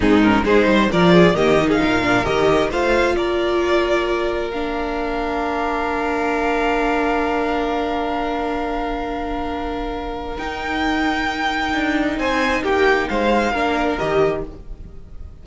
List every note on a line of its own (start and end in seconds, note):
0.00 0.43 G#2
0.00 0.22 C4
0.00 0.44 D#4
0.00 0.22 G#4
0.22 0.44 C#4
0.22 0.44 A#4
0.43 0.66 G#3
0.43 0.89 D#4
0.43 0.66 G#4
0.43 0.90 C5
0.66 0.88 G3
0.66 0.91 C5
0.91 1.34 F3
0.91 1.34 F4
0.91 1.13 A#4
0.91 1.35 D5
1.13 1.36 G#4
1.34 1.79 D#3
1.34 1.57 A#3
1.34 1.67 G4
1.34 1.69 D#5
1.59 2.01 D#4
1.67 1.78 G#4
1.67 2.24 F5
1.82 2.25 A#2
1.82 2.70 A#4
2.01 2.24 D4
2.24 2.70 D#3
2.24 2.69 G4
2.24 2.69 D#5
2.70 3.14 A3
2.70 4.52 F4
2.70 3.15 C5
2.70 3.16 F5
3.14 10.36 A#3
3.14 12.19 A#4
3.14 4.50 D5
4.50 10.37 D4
4.50 10.37 F5
10.37 13.53 D#4
10.37 11.73 D#4
10.37 12.18 G5
11.73 12.17 D4
12.17 12.62 C4
12.17 12.63 C5
12.17 12.63 G#5
12.63 13.08 A#3
12.63 13.08 G4
12.63 13.08 G5
13.08 13.52 G#3
13.08 13.52 C5
13.08 13.98 F5
13.52 13.97 A#3
13.52 13.99 D4
13.52 14.42 A#4
13.98 14.46 D#3
13.98 14.44 G4
13.98 14.43 D#5